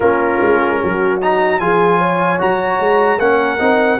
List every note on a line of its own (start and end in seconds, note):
0.00 0.39 A#3
0.00 1.21 C#4
0.00 0.80 F4
0.00 1.20 A#4
0.41 0.81 G#3
0.83 1.59 F#3
0.83 1.61 F#4
1.21 1.60 D#4
1.21 1.59 A#5
1.59 2.39 F3
1.59 2.38 F4
1.59 1.98 G#4
1.59 2.39 G#5
1.98 3.18 C#5
2.38 2.79 F#3
2.38 3.18 F#4
2.38 3.19 A#5
2.79 3.18 G#3
3.18 3.58 A#3
3.18 3.58 C#4
3.18 3.99 A#4
3.18 3.99 F#5
3.58 3.99 C4
3.58 3.98 D#4